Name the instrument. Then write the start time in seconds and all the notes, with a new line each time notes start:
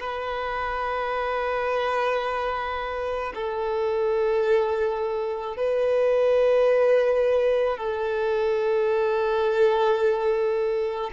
violin
0.00 B4
3.34 A4
5.57 B4
7.77 A4